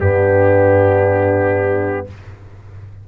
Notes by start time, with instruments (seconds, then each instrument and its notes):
0.00 tuba G2, trombone B3, horn D4, trumpet G4